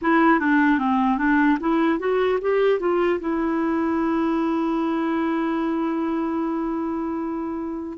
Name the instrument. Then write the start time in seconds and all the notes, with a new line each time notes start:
clarinet
0.01 E4
0.39 D4
0.78 C4
1.18 D4
1.60 E4
1.99 F#4
2.41 G4
2.79 F4
3.20 E4